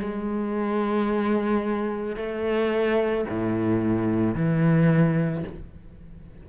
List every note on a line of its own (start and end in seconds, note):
0.00 2.16 G#3
2.16 3.25 A3
3.29 4.35 A2
4.35 5.44 E3